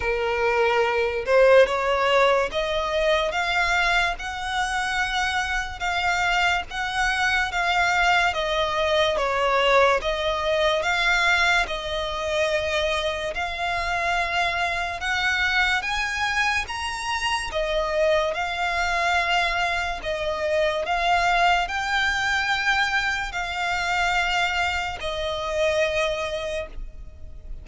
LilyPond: \new Staff \with { instrumentName = "violin" } { \time 4/4 \tempo 4 = 72 ais'4. c''8 cis''4 dis''4 | f''4 fis''2 f''4 | fis''4 f''4 dis''4 cis''4 | dis''4 f''4 dis''2 |
f''2 fis''4 gis''4 | ais''4 dis''4 f''2 | dis''4 f''4 g''2 | f''2 dis''2 | }